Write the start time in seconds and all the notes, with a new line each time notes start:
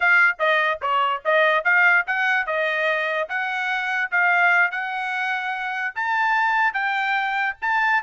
0.00 F5
0.39 D#5
0.81 C#5
1.24 D#5
1.64 F5
2.06 F#5
2.46 D#5
3.28 F#5
4.11 F5
4.71 F#5
5.95 A5
6.73 G5
7.61 A5